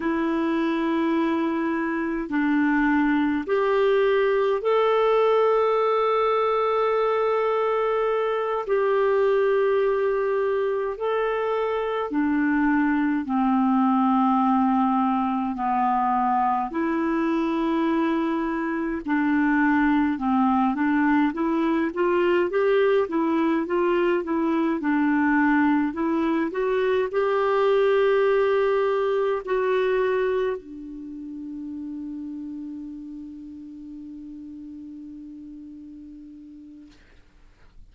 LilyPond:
\new Staff \with { instrumentName = "clarinet" } { \time 4/4 \tempo 4 = 52 e'2 d'4 g'4 | a'2.~ a'8 g'8~ | g'4. a'4 d'4 c'8~ | c'4. b4 e'4.~ |
e'8 d'4 c'8 d'8 e'8 f'8 g'8 | e'8 f'8 e'8 d'4 e'8 fis'8 g'8~ | g'4. fis'4 d'4.~ | d'1 | }